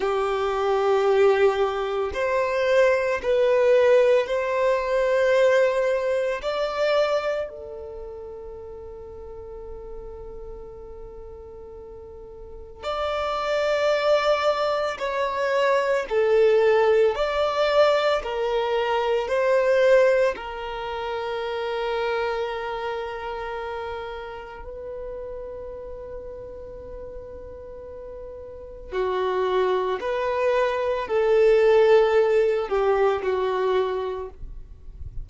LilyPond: \new Staff \with { instrumentName = "violin" } { \time 4/4 \tempo 4 = 56 g'2 c''4 b'4 | c''2 d''4 a'4~ | a'1 | d''2 cis''4 a'4 |
d''4 ais'4 c''4 ais'4~ | ais'2. b'4~ | b'2. fis'4 | b'4 a'4. g'8 fis'4 | }